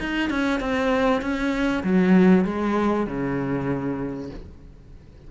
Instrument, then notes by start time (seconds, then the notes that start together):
cello
0.00 D#4
0.30 C#4
0.60 C4
1.21 C#4
1.83 F#3
2.45 G#3
3.06 C#3